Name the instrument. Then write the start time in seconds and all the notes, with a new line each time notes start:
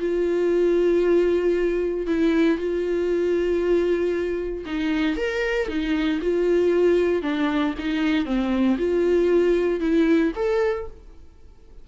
viola
0.00 F4
2.07 E4
2.58 F4
4.66 D#4
5.17 A#4
5.68 D#4
6.22 F4
7.23 D4
7.79 D#4
8.26 C4
8.79 F4
9.81 E4
10.36 A4